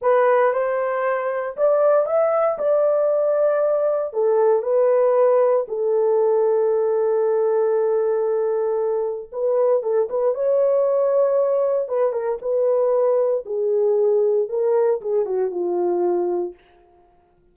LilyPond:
\new Staff \with { instrumentName = "horn" } { \time 4/4 \tempo 4 = 116 b'4 c''2 d''4 | e''4 d''2. | a'4 b'2 a'4~ | a'1~ |
a'2 b'4 a'8 b'8 | cis''2. b'8 ais'8 | b'2 gis'2 | ais'4 gis'8 fis'8 f'2 | }